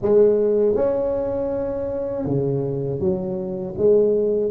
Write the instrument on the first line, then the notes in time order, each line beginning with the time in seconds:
tuba
0.02 G#3
0.75 C#4
2.25 C#3
2.99 F#3
3.77 G#3